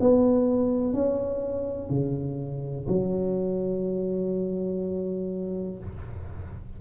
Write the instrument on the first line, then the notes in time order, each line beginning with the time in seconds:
tuba
0.00 B3
0.93 C#4
1.90 C#3
2.88 F#3